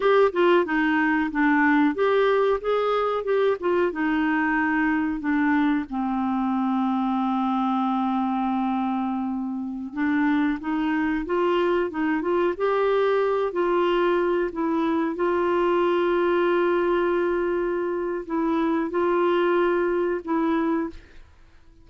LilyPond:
\new Staff \with { instrumentName = "clarinet" } { \time 4/4 \tempo 4 = 92 g'8 f'8 dis'4 d'4 g'4 | gis'4 g'8 f'8 dis'2 | d'4 c'2.~ | c'2.~ c'16 d'8.~ |
d'16 dis'4 f'4 dis'8 f'8 g'8.~ | g'8. f'4. e'4 f'8.~ | f'1 | e'4 f'2 e'4 | }